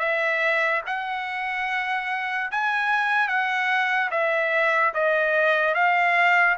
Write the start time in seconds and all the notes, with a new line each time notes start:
0.00 E5
0.87 F#5
2.52 G#5
3.28 F#5
4.11 E5
4.94 D#5
5.75 F5